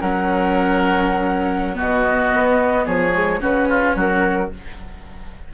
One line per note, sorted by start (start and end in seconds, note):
0.00 1.78 F#3
0.00 1.74 C#4
0.00 1.76 A#4
0.00 1.77 F#5
1.74 2.33 B2
1.74 3.10 B3
1.74 2.85 F#4
1.74 2.86 D#5
2.33 2.86 B3
2.85 3.41 F3
2.85 3.40 G#4
2.85 3.41 C#5
3.13 3.40 G#3
3.40 3.95 C#3
3.40 4.49 C#4
3.40 3.68 F#4
3.40 3.97 B4
3.69 3.95 F4
3.95 4.49 F#3
3.95 4.50 F#4
3.95 4.53 A#4